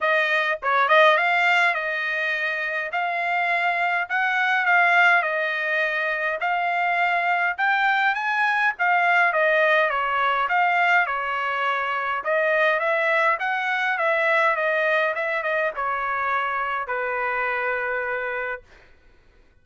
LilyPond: \new Staff \with { instrumentName = "trumpet" } { \time 4/4 \tempo 4 = 103 dis''4 cis''8 dis''8 f''4 dis''4~ | dis''4 f''2 fis''4 | f''4 dis''2 f''4~ | f''4 g''4 gis''4 f''4 |
dis''4 cis''4 f''4 cis''4~ | cis''4 dis''4 e''4 fis''4 | e''4 dis''4 e''8 dis''8 cis''4~ | cis''4 b'2. | }